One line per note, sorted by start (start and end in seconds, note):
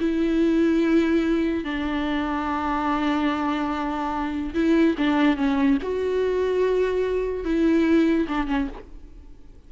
0.00 1.64 E4
1.64 4.54 D4
4.54 4.96 E4
4.98 5.37 D4
5.37 5.78 C#4
5.83 7.45 F#4
7.45 8.28 E4
8.29 8.48 D4
8.48 8.68 C#4